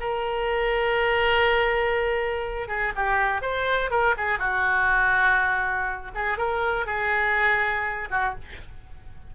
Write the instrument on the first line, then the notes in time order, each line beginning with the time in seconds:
oboe
0.00 A#4
2.68 G#4
2.96 G4
3.41 C5
3.90 A#4
4.17 G#4
4.39 F#4
6.15 G#4
6.37 A#4
6.86 G#4
8.10 F#4